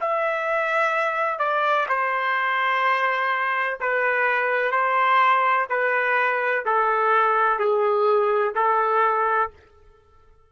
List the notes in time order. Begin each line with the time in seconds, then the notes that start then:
0.00 E5
1.39 D5
1.88 C5
3.80 B4
4.71 C5
5.69 B4
6.65 A4
7.59 G#4
8.55 A4